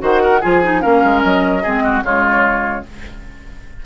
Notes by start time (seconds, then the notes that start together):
0.00 D#3 F#4 C5 F#5
0.23 A#4
0.41 F3 F4 G#4 G#5
0.63 D#4
0.81 A#3 C#4 A#4 F5
1.04 G#3
1.23 F#3 D#5
1.63 G#3 C4 G#4
1.84 F#4
2.03 C#3 G#3 F4 C#5